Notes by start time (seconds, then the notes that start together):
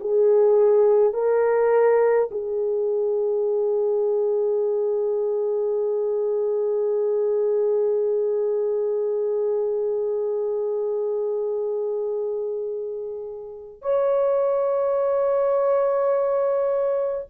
0.00 G#4
1.13 A#4
2.31 G#4
13.81 C#5